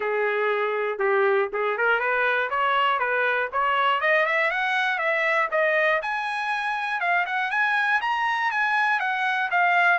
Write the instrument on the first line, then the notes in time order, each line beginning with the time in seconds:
trumpet
0.00 G#4
0.98 G4
1.52 G#4
1.77 A#4
1.99 B4
2.50 C#5
2.99 B4
3.52 C#5
4.00 D#5
4.26 E5
4.50 F#5
4.98 E5
5.51 D#5
6.02 G#5
7.00 F5
7.25 F#5
7.50 G#5
8.01 A#5
8.51 G#5
8.99 F#5
9.50 F5